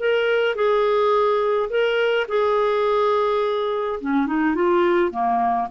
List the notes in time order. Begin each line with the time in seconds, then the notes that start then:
0.00 A#4
0.56 G#4
1.70 A#4
2.29 G#4
4.01 C#4
4.27 D#4
4.55 F4
5.11 A#3